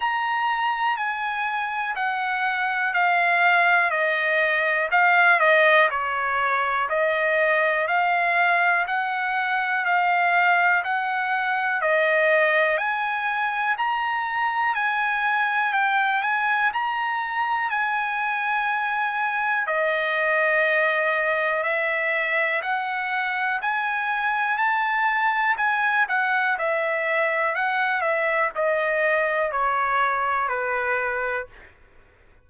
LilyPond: \new Staff \with { instrumentName = "trumpet" } { \time 4/4 \tempo 4 = 61 ais''4 gis''4 fis''4 f''4 | dis''4 f''8 dis''8 cis''4 dis''4 | f''4 fis''4 f''4 fis''4 | dis''4 gis''4 ais''4 gis''4 |
g''8 gis''8 ais''4 gis''2 | dis''2 e''4 fis''4 | gis''4 a''4 gis''8 fis''8 e''4 | fis''8 e''8 dis''4 cis''4 b'4 | }